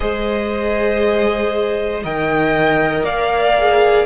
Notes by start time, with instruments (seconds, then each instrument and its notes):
0.00 cello G#3, viola G#4, violin C5 D#5
2.03 cello D#3, viola A#4, violin D#5 G5
3.03 cello A#3, violin D5 F5
3.57 viola G#4